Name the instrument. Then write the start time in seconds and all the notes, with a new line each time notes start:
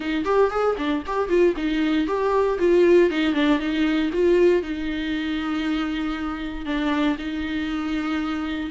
viola
0.00 D#4
0.24 G4
0.50 G#4
0.77 D4
1.06 G4
1.28 F4
1.56 D#4
2.07 G4
2.59 F4
3.10 D#4
3.33 D4
3.59 D#4
4.13 F4
4.62 D#4
6.65 D4
7.18 D#4